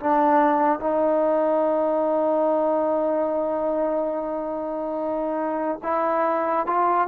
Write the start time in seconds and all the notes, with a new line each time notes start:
0.00 D4
0.80 D#4
5.83 E4
6.66 F4